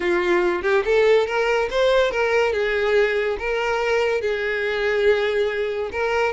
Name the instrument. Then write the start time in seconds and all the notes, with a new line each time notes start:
violin
0.00 F4
0.62 G4
0.84 A4
1.26 A#4
1.70 C5
2.11 A#4
2.52 G#4
3.38 A#4
4.21 G#4
5.92 A#4